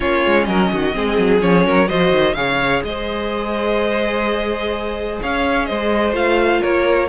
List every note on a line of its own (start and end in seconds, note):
0.00 0.26 A#3
0.00 0.92 C#4
0.00 0.47 F4
0.00 0.44 C#5
0.26 0.47 G#3
0.44 0.71 F#3
0.44 0.72 A#4
0.44 1.39 D#5
0.72 0.95 D#3
0.72 0.95 F#4
0.92 1.18 G#3
0.92 1.40 C4
0.92 1.66 G#4
1.18 1.41 F#3
1.40 1.64 F3
1.40 1.87 C#4
1.40 1.88 C#5
1.64 1.88 F#3
1.64 1.87 A#4
1.87 2.11 F3
1.87 2.35 F#4
1.87 2.35 C5
1.87 2.34 D#5
2.11 2.35 D#3
2.34 2.82 C#3
2.34 6.13 G#4
2.34 2.84 C#5
2.34 2.81 F5
2.83 5.19 G#3
2.83 5.22 C5
2.83 5.21 D#5
5.22 5.70 C#4
5.22 5.67 C#5
5.22 5.66 F5
5.66 6.12 G#3
5.66 6.61 C5
5.66 6.13 D#5
6.12 6.60 A3
6.12 7.07 F4
6.12 6.62 F5
6.61 7.08 A#3
6.61 7.08 A#4
6.61 7.08 C#5